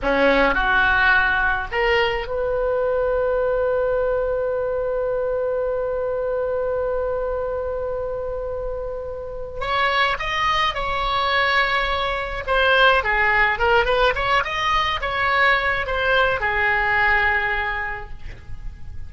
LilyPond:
\new Staff \with { instrumentName = "oboe" } { \time 4/4 \tempo 4 = 106 cis'4 fis'2 ais'4 | b'1~ | b'1~ | b'1~ |
b'4 cis''4 dis''4 cis''4~ | cis''2 c''4 gis'4 | ais'8 b'8 cis''8 dis''4 cis''4. | c''4 gis'2. | }